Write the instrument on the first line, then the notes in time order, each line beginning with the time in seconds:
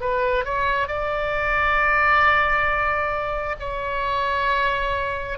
oboe
0.00 B4
0.44 C#5
0.87 D5
3.59 C#5